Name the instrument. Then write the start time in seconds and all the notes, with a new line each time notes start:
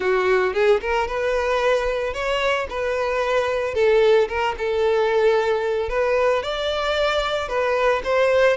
violin
0.00 F#4
0.53 G#4
0.80 A#4
1.07 B4
2.13 C#5
2.69 B4
3.74 A4
4.28 A#4
4.58 A4
5.89 B4
6.42 D5
7.48 B4
8.04 C5